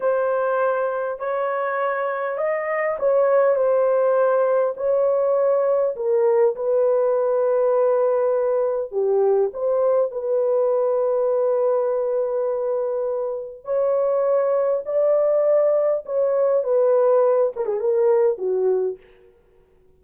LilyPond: \new Staff \with { instrumentName = "horn" } { \time 4/4 \tempo 4 = 101 c''2 cis''2 | dis''4 cis''4 c''2 | cis''2 ais'4 b'4~ | b'2. g'4 |
c''4 b'2.~ | b'2. cis''4~ | cis''4 d''2 cis''4 | b'4. ais'16 gis'16 ais'4 fis'4 | }